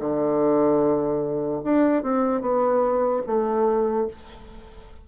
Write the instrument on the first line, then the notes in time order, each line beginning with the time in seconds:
bassoon
0.00 D3
1.64 D4
2.03 C4
2.42 B3
3.27 A3